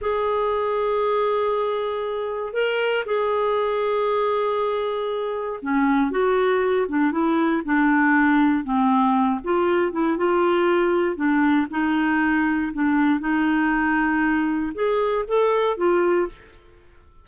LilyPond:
\new Staff \with { instrumentName = "clarinet" } { \time 4/4 \tempo 4 = 118 gis'1~ | gis'4 ais'4 gis'2~ | gis'2. cis'4 | fis'4. d'8 e'4 d'4~ |
d'4 c'4. f'4 e'8 | f'2 d'4 dis'4~ | dis'4 d'4 dis'2~ | dis'4 gis'4 a'4 f'4 | }